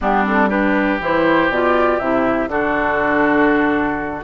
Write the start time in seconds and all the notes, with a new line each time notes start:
0.00 G3 B3 D4 G4
0.24 C4 A4
0.49 D4 G4 B4
0.99 E3 E4 C5
1.49 B2 F4 D5
1.99 C3 E4 E5
2.47 D3 D4 F#4 A4